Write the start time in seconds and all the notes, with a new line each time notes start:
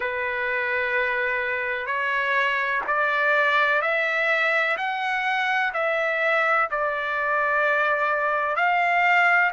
0.00 B4
1.86 C#5
2.87 D5
3.81 E5
4.77 F#5
5.73 E5
6.70 D5
8.56 F5